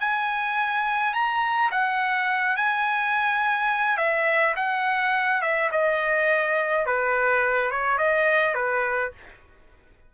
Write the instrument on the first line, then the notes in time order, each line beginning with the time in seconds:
trumpet
0.00 G#5
1.14 A#5
1.71 F#5
2.56 G#5
3.97 E5
4.56 F#5
5.42 E5
5.72 D#5
6.86 B4
7.71 C#5
7.98 D#5
8.54 B4